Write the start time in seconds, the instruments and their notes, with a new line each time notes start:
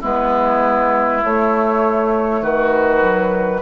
0.00 bassoon G#3, clarinet B3, oboe E4, flute B4
1.23 bassoon A3, clarinet A3, flute C#5
2.41 bassoon D#3, oboe F#4, flute B4
3.00 clarinet F#3